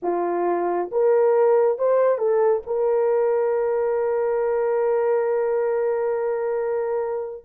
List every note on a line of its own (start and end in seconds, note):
0.02 0.90 F4
0.91 1.78 A#4
1.78 2.18 C5
2.18 2.62 A4
2.66 7.44 A#4